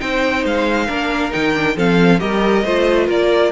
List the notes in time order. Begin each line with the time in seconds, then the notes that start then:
0.00 C4 D#4 C5 G5
0.45 G#3 F5
0.87 A#3 D4 A#4
1.32 D#3 D#4 G5
1.55 D4
1.76 F3 C4 A4 F5
2.19 G3 G4 A#4 D#5
2.65 A3 F4 C5
3.07 A#3 A#4 D5